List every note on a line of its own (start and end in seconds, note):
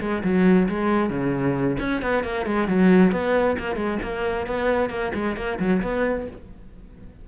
0.00 0.22 G#3
0.24 0.68 F#3
0.69 1.10 G#3
1.10 1.77 C#3
1.79 2.02 C#4
2.02 2.24 B3
2.24 2.46 A#3
2.46 2.68 G#3
2.68 3.12 F#3
3.12 3.57 B3
3.59 3.76 A#3
3.76 3.98 G#3
4.03 4.47 A#3
4.47 4.90 B3
4.90 5.12 A#3
5.14 5.36 G#3
5.36 5.59 A#3
5.59 5.82 F#3
5.82 6.27 B3